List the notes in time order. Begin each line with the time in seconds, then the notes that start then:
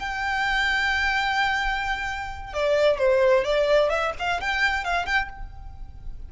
0.00 G5
2.54 D5
2.99 C5
3.45 D5
3.90 E5
4.19 F5
4.41 G5
4.85 F5
5.06 G5